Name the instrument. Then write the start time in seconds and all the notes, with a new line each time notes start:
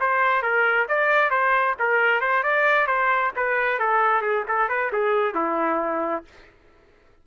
trumpet
0.00 C5
0.42 A#4
0.88 D5
1.30 C5
1.79 A#4
2.21 C5
2.43 D5
2.87 C5
3.36 B4
3.79 A4
4.21 G#4
4.48 A4
4.69 B4
4.92 G#4
5.34 E4